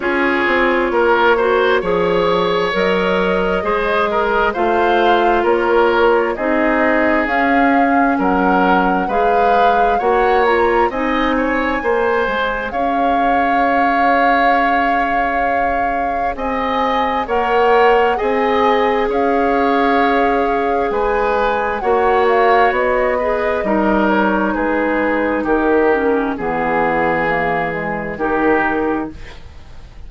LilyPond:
<<
  \new Staff \with { instrumentName = "flute" } { \time 4/4 \tempo 4 = 66 cis''2. dis''4~ | dis''4 f''4 cis''4 dis''4 | f''4 fis''4 f''4 fis''8 ais''8 | gis''2 f''2~ |
f''2 gis''4 fis''4 | gis''4 f''2 gis''4 | fis''8 f''8 dis''4. cis''8 b'4 | ais'4 gis'2 ais'4 | }
  \new Staff \with { instrumentName = "oboe" } { \time 4/4 gis'4 ais'8 c''8 cis''2 | c''8 ais'8 c''4 ais'4 gis'4~ | gis'4 ais'4 b'4 cis''4 | dis''8 cis''8 c''4 cis''2~ |
cis''2 dis''4 cis''4 | dis''4 cis''2 b'4 | cis''4. b'8 ais'4 gis'4 | g'4 gis'2 g'4 | }
  \new Staff \with { instrumentName = "clarinet" } { \time 4/4 f'4. fis'8 gis'4 ais'4 | gis'4 f'2 dis'4 | cis'2 gis'4 fis'8 f'8 | dis'4 gis'2.~ |
gis'2. ais'4 | gis'1 | fis'4. gis'8 dis'2~ | dis'8 cis'8 b4 ais8 gis8 dis'4 | }
  \new Staff \with { instrumentName = "bassoon" } { \time 4/4 cis'8 c'8 ais4 f4 fis4 | gis4 a4 ais4 c'4 | cis'4 fis4 gis4 ais4 | c'4 ais8 gis8 cis'2~ |
cis'2 c'4 ais4 | c'4 cis'2 gis4 | ais4 b4 g4 gis4 | dis4 e2 dis4 | }
>>